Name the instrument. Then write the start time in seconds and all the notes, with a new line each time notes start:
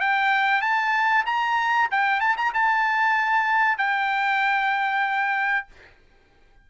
trumpet
0.00 G5
0.61 A5
1.26 A#5
1.91 G5
2.20 A5
2.37 A#5
2.54 A5
3.78 G5